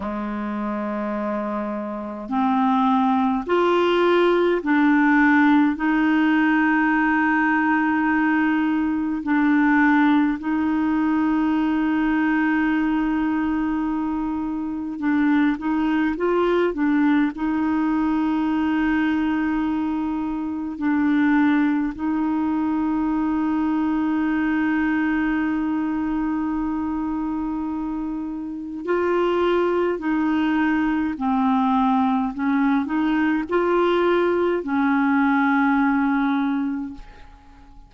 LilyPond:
\new Staff \with { instrumentName = "clarinet" } { \time 4/4 \tempo 4 = 52 gis2 c'4 f'4 | d'4 dis'2. | d'4 dis'2.~ | dis'4 d'8 dis'8 f'8 d'8 dis'4~ |
dis'2 d'4 dis'4~ | dis'1~ | dis'4 f'4 dis'4 c'4 | cis'8 dis'8 f'4 cis'2 | }